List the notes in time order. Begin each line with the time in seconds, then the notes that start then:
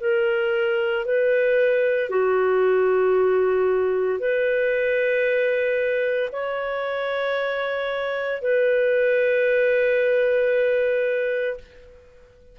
0.00 A#4
1.05 B4
2.09 F#4
4.19 B4
6.32 C#5
8.41 B4